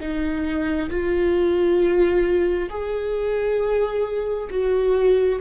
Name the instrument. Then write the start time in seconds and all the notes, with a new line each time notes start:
viola
0.00 D#4
0.90 F4
2.69 G#4
4.50 F#4